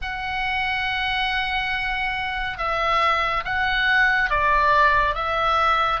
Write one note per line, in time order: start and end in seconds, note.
0.01 2.58 F#5
2.58 3.43 E5
3.44 4.29 F#5
4.29 5.14 D5
5.14 6.00 E5